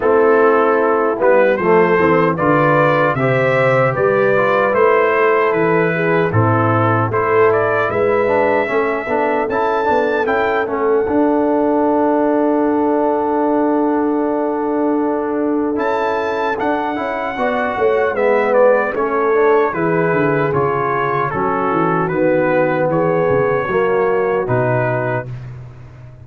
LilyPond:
<<
  \new Staff \with { instrumentName = "trumpet" } { \time 4/4 \tempo 4 = 76 a'4. b'8 c''4 d''4 | e''4 d''4 c''4 b'4 | a'4 c''8 d''8 e''2 | a''4 g''8 fis''2~ fis''8~ |
fis''1 | a''4 fis''2 e''8 d''8 | cis''4 b'4 cis''4 a'4 | b'4 cis''2 b'4 | }
  \new Staff \with { instrumentName = "horn" } { \time 4/4 e'2 a'4 b'4 | c''4 b'4. a'4 gis'8 | e'4 a'4 b'4 a'4~ | a'1~ |
a'1~ | a'2 d''8 cis''8 b'4 | a'4 gis'2 fis'4~ | fis'4 gis'4 fis'2 | }
  \new Staff \with { instrumentName = "trombone" } { \time 4/4 c'4. b8 a8 c'8 f'4 | g'4. f'8 e'2 | c'4 e'4. d'8 cis'8 d'8 | e'8 d'8 e'8 cis'8 d'2~ |
d'1 | e'4 d'8 e'8 fis'4 b4 | cis'8 d'8 e'4 f'4 cis'4 | b2 ais4 dis'4 | }
  \new Staff \with { instrumentName = "tuba" } { \time 4/4 a4. g8 f8 e8 d4 | c4 g4 a4 e4 | a,4 a4 gis4 a8 b8 | cis'8 b8 cis'8 a8 d'2~ |
d'1 | cis'4 d'8 cis'8 b8 a8 gis4 | a4 e8 d8 cis4 fis8 e8 | dis4 e8 cis8 fis4 b,4 | }
>>